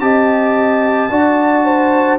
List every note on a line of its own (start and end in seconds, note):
0.00 1.09 C4
0.00 1.10 G4
0.00 1.11 D#5
0.00 2.18 A5
1.10 2.19 D4
1.10 2.19 F#4
1.10 1.65 D5
1.65 2.19 C5